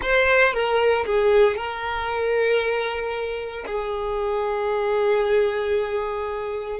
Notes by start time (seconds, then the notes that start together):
0.02 C5
0.53 A#4
1.05 G#4
1.56 A#4
3.66 G#4